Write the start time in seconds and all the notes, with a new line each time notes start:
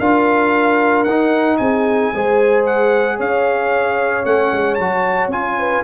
0.00 D4 F4 A#4 F5
1.04 D#4 F#5
1.58 C4 G#4 G#5
2.14 G#3 G#4 C5
2.66 F#5
3.17 C#4 C#5 F5
4.25 A3 C#4 F#5
4.53 G#3
4.75 F#3 A5
4.81 F#4
5.28 C#4 F4 G#5
5.59 B4